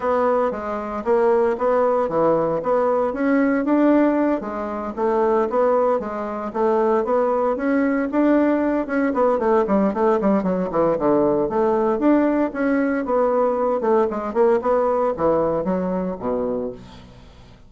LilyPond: \new Staff \with { instrumentName = "bassoon" } { \time 4/4 \tempo 4 = 115 b4 gis4 ais4 b4 | e4 b4 cis'4 d'4~ | d'8 gis4 a4 b4 gis8~ | gis8 a4 b4 cis'4 d'8~ |
d'4 cis'8 b8 a8 g8 a8 g8 | fis8 e8 d4 a4 d'4 | cis'4 b4. a8 gis8 ais8 | b4 e4 fis4 b,4 | }